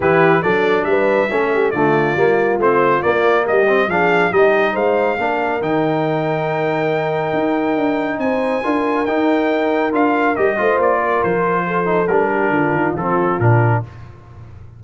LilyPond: <<
  \new Staff \with { instrumentName = "trumpet" } { \time 4/4 \tempo 4 = 139 b'4 d''4 e''2 | d''2 c''4 d''4 | dis''4 f''4 dis''4 f''4~ | f''4 g''2.~ |
g''2. gis''4~ | gis''4 g''2 f''4 | dis''4 d''4 c''2 | ais'2 a'4 ais'4 | }
  \new Staff \with { instrumentName = "horn" } { \time 4/4 g'4 a'4 b'4 a'8 g'8 | f'1 | g'4 gis'4 g'4 c''4 | ais'1~ |
ais'2. c''4 | ais'1~ | ais'8 c''4 ais'4. a'4~ | a'8 g'8 f'2. | }
  \new Staff \with { instrumentName = "trombone" } { \time 4/4 e'4 d'2 cis'4 | a4 ais4 c'4 ais4~ | ais8 c'8 d'4 dis'2 | d'4 dis'2.~ |
dis'1 | f'4 dis'2 f'4 | g'8 f'2. dis'8 | d'2 c'4 d'4 | }
  \new Staff \with { instrumentName = "tuba" } { \time 4/4 e4 fis4 g4 a4 | d4 g4 a4 ais4 | g4 f4 g4 gis4 | ais4 dis2.~ |
dis4 dis'4 d'4 c'4 | d'4 dis'2 d'4 | g8 a8 ais4 f2 | g4 d8 dis8 f4 ais,4 | }
>>